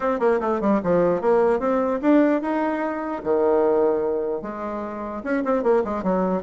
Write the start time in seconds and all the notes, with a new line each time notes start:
0.00 C4
0.19 A#3
0.40 A3
0.60 G3
0.83 F3
1.21 A#3
1.59 C4
2.01 D4
2.41 D#4
3.23 D#3
4.42 G#3
5.23 C#4
5.44 C4
5.63 A#3
5.84 G#3
6.03 F#3